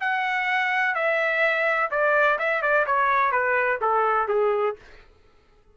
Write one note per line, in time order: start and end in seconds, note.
0.00 0.95 F#5
0.95 1.90 E5
1.90 2.38 D5
2.39 2.62 E5
2.62 2.85 D5
2.86 3.32 C#5
3.32 3.79 B4
3.81 4.28 A4
4.28 4.76 G#4